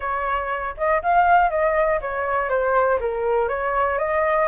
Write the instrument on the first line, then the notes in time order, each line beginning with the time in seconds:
flute
0.00 C#5
0.77 D#5
1.02 F5
1.50 D#5
2.01 C#5
2.49 C5
3.00 A#4
3.48 C#5
3.98 D#5